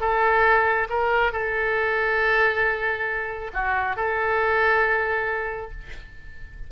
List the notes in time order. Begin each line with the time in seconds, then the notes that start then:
0.00 A4
0.89 A#4
1.32 A4
3.53 F#4
3.96 A4